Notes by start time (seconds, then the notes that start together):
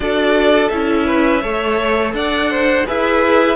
0.00 D4 F#4 A4 D5
0.68 C#4 E4 E5
1.06 B4
1.41 A3 A4 C#5
2.13 D4 D5 F#5
2.50 C5
2.85 E4 G#4 B4 E5